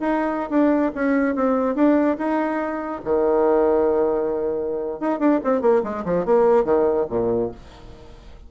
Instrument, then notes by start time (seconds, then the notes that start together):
bassoon
0.00 D#4
0.50 D4
0.95 C#4
1.35 C4
1.75 D4
2.18 D#4
3.05 D#3
5.00 D#4
5.20 D4
5.44 C4
5.61 A#3
5.84 G#3
6.05 F3
6.26 A#3
6.65 D#3
7.10 A#2